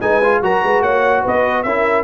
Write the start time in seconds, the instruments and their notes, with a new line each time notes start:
0.00 tuba G#3, trombone D#4, horn B4, trumpet G#5
0.23 trombone F4
0.41 tuba F#3, trombone F#4, horn A#4, trumpet A#5
0.62 tuba G#3, horn B4
0.81 tuba A#3, horn C#5, trumpet F#5
1.22 tuba B3, horn B4, trumpet D#5
1.63 tuba C#4, trombone E4, horn A#4, trumpet E5